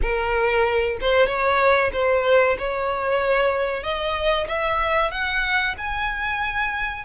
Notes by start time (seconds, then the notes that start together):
0.02 A#4
1.01 C5
1.26 C#5
1.93 C5
2.58 C#5
3.83 D#5
4.47 E5
5.11 F#5
5.77 G#5